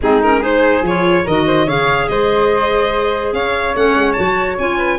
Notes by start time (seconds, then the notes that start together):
0.01 G#3 C4 D#4 G#4
0.22 C#4 A#4
0.39 D#4 G#4 C5
0.82 F3 F4 C#5
1.24 D#3 F#4 A#4 D#5
1.46 C5
1.65 C#3 G#4 C#5 F5
2.08 G#3 C5 D#5
3.32 C#4 C#5 F5
3.74 A3 C#4 F#5
3.94 G#3
4.12 F#4 A5
4.18 F#3
4.59 C#4 F4 G#5
4.77 B4